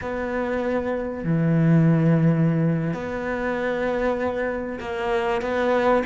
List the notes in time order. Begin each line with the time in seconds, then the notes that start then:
0.01 B3
1.24 E3
2.93 B3
4.80 A#3
5.41 B3